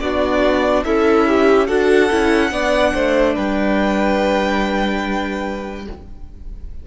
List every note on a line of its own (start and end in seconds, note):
0.00 0.85 B3
0.00 0.86 D4
0.00 0.85 F#4
0.00 0.83 D5
0.84 1.69 C#4
0.84 1.67 E4
0.84 1.27 A4
0.84 1.67 E5
1.27 1.68 G4
1.67 2.10 D4
1.67 2.10 F#4
1.67 2.50 A4
1.67 3.34 F#5
2.11 2.52 C#4
2.11 2.52 E4
2.52 2.93 B3
2.52 5.85 D4
2.52 2.94 D5
2.94 3.37 A3
2.94 3.35 C5
3.35 5.87 G3
3.35 5.85 B4
3.35 5.86 G5